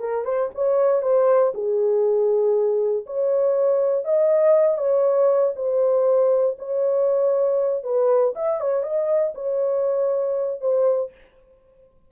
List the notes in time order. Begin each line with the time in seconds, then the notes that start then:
0.00 A#4
0.25 C5
0.55 C#5
1.02 C5
1.54 G#4
3.07 C#5
4.05 D#5
4.78 C#5
5.56 C5
6.59 C#5
7.84 B4
8.36 E5
8.61 C#5
8.83 D#5
9.35 C#5
10.61 C5